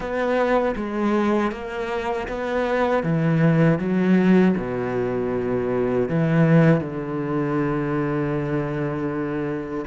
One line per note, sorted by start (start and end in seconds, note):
0.00 0.75 B3
0.76 1.51 G#3
1.51 2.27 A#3
2.28 3.03 B3
3.03 3.78 E3
3.78 4.54 F#3
4.57 6.08 B2
6.08 6.80 E3
6.80 9.84 D3